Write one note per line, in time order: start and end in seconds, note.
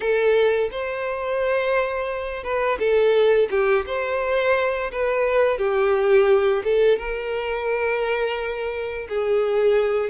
0.00 0.69 A4
0.71 2.43 C5
2.43 2.78 B4
2.79 3.49 A4
3.50 3.85 G4
3.86 4.91 C5
4.91 5.58 B4
5.58 6.62 G4
6.64 6.98 A4
6.98 9.07 A#4
9.09 10.09 G#4